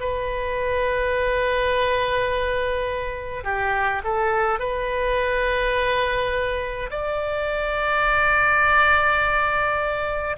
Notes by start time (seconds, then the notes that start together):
0.00 B4
3.44 G4
4.04 A4
4.59 B4
6.90 D5